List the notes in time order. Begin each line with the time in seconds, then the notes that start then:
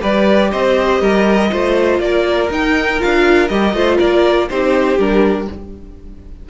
0.00 G3 G4 B4 D5
0.51 C4 C5 D#5
1.01 G3 A#4
1.50 A3 F4 C5
1.99 A#3 A#4 D5
2.50 D#4 G5
2.99 D4 F4 F5
3.48 G3 G4 D#5
3.73 A3 F4 C5
3.97 A#3 A#4 D5
4.49 C4 D#4 G4 C5
4.98 G3 D4 A#4